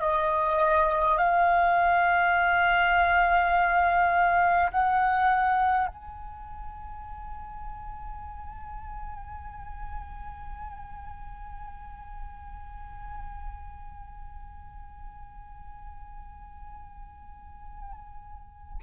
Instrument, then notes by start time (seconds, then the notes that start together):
flute
0.00 D#5
1.18 F5
4.71 F#5
5.87 G#5